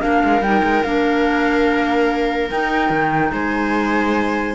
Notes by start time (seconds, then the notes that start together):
0.00 A#3 D4 A#4 F5
0.24 G#3
0.42 G3 D#4 G5
0.64 G#3
0.84 A#3 D4 F5
2.50 D#4 G5
2.90 D#3
3.33 G#3 C5 G#5